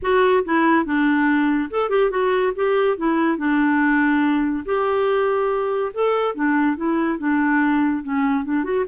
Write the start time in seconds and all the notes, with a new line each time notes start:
0.02 F#4
0.44 E4
0.85 D4
1.70 A4
1.89 G4
2.10 F#4
2.55 G4
2.97 E4
3.37 D4
4.65 G4
5.93 A4
6.34 D4
6.76 E4
7.18 D4
8.03 C#4
8.44 D4
8.64 F#4